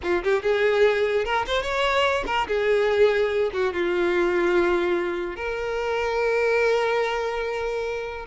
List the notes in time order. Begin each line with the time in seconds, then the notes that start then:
0.02 F4
0.23 G4
0.42 G#4
1.24 A#4
1.46 C5
1.62 C#5
2.26 A#4
2.47 G#4
3.53 F#4
3.73 F4
5.36 A#4